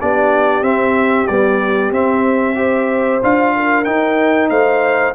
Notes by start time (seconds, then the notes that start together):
0.00 B3 D4 G4 D5
0.62 C4 E5
1.27 G3 B3 D5
1.92 C4 E5
2.55 G4 C5
3.23 D4 F4 F5
3.56 A#4
3.84 D#4 G5
4.49 A3 C5 F5